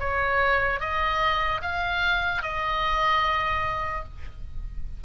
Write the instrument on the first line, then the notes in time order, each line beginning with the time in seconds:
oboe
0.00 C#5
0.81 D#5
1.62 F5
2.43 D#5